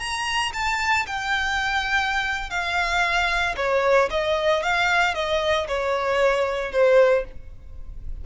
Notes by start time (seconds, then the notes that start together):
0.00 A#5
0.54 A5
1.07 G5
2.50 F5
3.57 C#5
4.11 D#5
4.63 F5
5.15 D#5
5.68 C#5
6.72 C5